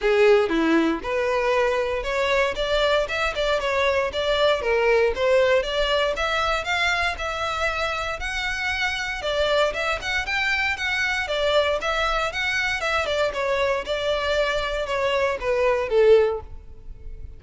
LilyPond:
\new Staff \with { instrumentName = "violin" } { \time 4/4 \tempo 4 = 117 gis'4 e'4 b'2 | cis''4 d''4 e''8 d''8 cis''4 | d''4 ais'4 c''4 d''4 | e''4 f''4 e''2 |
fis''2 d''4 e''8 fis''8 | g''4 fis''4 d''4 e''4 | fis''4 e''8 d''8 cis''4 d''4~ | d''4 cis''4 b'4 a'4 | }